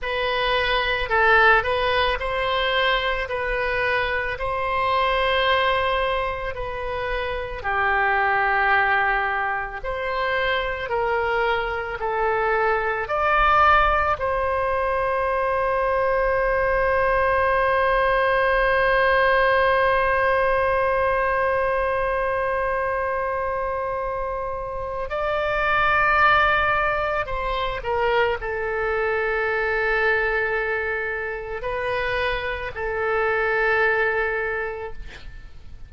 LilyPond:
\new Staff \with { instrumentName = "oboe" } { \time 4/4 \tempo 4 = 55 b'4 a'8 b'8 c''4 b'4 | c''2 b'4 g'4~ | g'4 c''4 ais'4 a'4 | d''4 c''2.~ |
c''1~ | c''2. d''4~ | d''4 c''8 ais'8 a'2~ | a'4 b'4 a'2 | }